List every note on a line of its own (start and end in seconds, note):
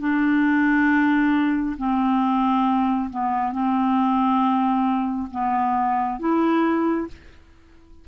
0.00 1.76 D4
1.78 3.10 C4
3.10 3.52 B3
3.52 5.29 C4
5.31 6.19 B3
6.19 7.07 E4